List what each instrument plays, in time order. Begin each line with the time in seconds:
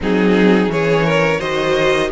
0.00 cello F#3, viola C4, violin D#4 G#4
0.67 cello E3, viola C#4, violin G#4 C#5
1.05 violin A#4
1.38 cello D#3, viola F#4, violin C5 D#5